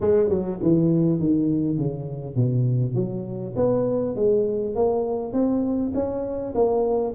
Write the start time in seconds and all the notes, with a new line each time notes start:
0.01 G#3
0.29 F#3
0.62 E3
1.19 D#3
1.77 C#3
2.35 B2
2.94 F#3
3.56 B3
4.15 G#3
4.75 A#3
5.32 C4
5.94 C#4
6.55 A#3